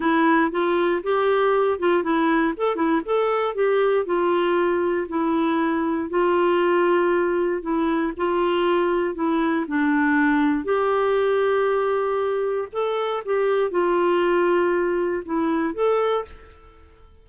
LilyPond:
\new Staff \with { instrumentName = "clarinet" } { \time 4/4 \tempo 4 = 118 e'4 f'4 g'4. f'8 | e'4 a'8 e'8 a'4 g'4 | f'2 e'2 | f'2. e'4 |
f'2 e'4 d'4~ | d'4 g'2.~ | g'4 a'4 g'4 f'4~ | f'2 e'4 a'4 | }